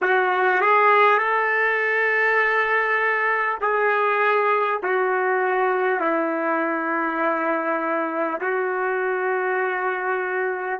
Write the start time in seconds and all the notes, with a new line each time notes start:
0.01 F#4
0.61 G#4
1.18 A4
3.60 G#4
4.83 F#4
6.00 E4
8.41 F#4